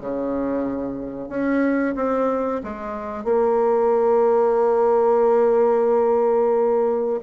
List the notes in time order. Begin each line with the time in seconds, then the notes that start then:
0.00 C#3
1.29 C#4
1.95 C4
2.63 G#3
3.24 A#3